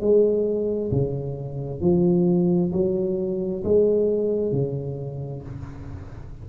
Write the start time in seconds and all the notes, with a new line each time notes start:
0.00 G#3
0.92 C#3
1.81 F3
2.72 F#3
3.64 G#3
4.52 C#3